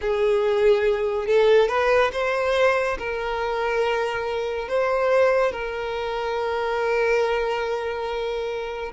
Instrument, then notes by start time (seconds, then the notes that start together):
violin
0.01 G#4
1.26 A4
1.68 B4
2.12 C5
2.98 A#4
4.68 C5
5.52 A#4